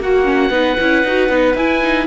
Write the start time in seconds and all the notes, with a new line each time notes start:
0.00 A#3 F#4 F#5
0.24 C#4
0.50 B3 D#4 B4
0.80 C#4 E4
1.04 D#4 F#4
1.29 B3 D#4
1.55 E4 G#5
1.83 D#4